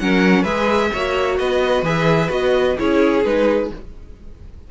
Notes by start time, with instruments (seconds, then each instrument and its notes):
0.00 cello F#3, viola C#4, violin A#4 F#5
0.42 cello G#3, viola G#4, violin B4 E5
0.93 cello A#3, viola F#4, violin C#5
1.39 cello B3, violin B4 D#5
1.83 cello E3, viola G#4, violin E5
2.30 cello B3, viola F#4, violin D#5
2.78 cello C#4, viola E4, violin G#4 C#5
3.24 cello G#3, viola D#4, violin B4